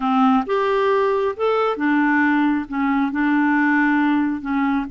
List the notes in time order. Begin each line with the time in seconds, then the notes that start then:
0.00 C4
0.46 G4
1.36 A4
1.76 D4
2.68 C#4
3.11 D4
4.41 C#4